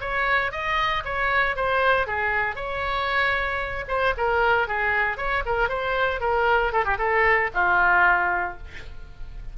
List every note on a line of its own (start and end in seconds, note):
0.00 0.51 C#5
0.51 1.03 D#5
1.05 1.55 C#5
1.55 2.06 C5
2.06 2.55 G#4
2.55 3.85 C#5
3.88 4.14 C5
4.17 4.67 A#4
4.67 5.17 G#4
5.17 5.43 C#5
5.45 5.69 A#4
5.69 6.20 C5
6.20 6.72 A#4
6.72 6.84 A4
6.84 6.97 G4
6.98 7.50 A4
7.54 8.57 F4